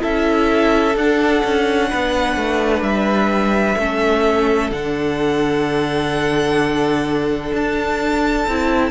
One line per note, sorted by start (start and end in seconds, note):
0.00 0.96 C#4
0.00 0.94 E4
0.00 1.90 A4
0.00 0.96 E5
0.96 1.43 D4
0.96 3.79 D4
0.96 2.83 F#5
1.45 1.91 C#4
1.90 2.37 B3
1.90 3.78 B4
2.37 2.82 A3
2.82 3.76 G3
2.82 4.71 E5
3.78 4.71 A3
3.78 4.73 C#4
3.78 8.92 A4
4.71 7.53 D3
4.71 8.49 D4
4.71 7.54 F#5
7.54 8.47 D4
7.54 8.92 A5
8.48 8.92 C4
8.48 8.92 E4